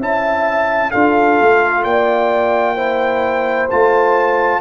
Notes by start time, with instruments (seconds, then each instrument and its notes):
0.00 tuba C#4, trombone E4, horn E5, trumpet A5
0.91 tuba D4, trombone F4, horn A4, trumpet F5
1.41 tuba A3
1.84 tuba A#3, horn D5, trumpet G5
2.75 trombone E4, horn C5
3.70 tuba A3, trombone F4, trumpet A5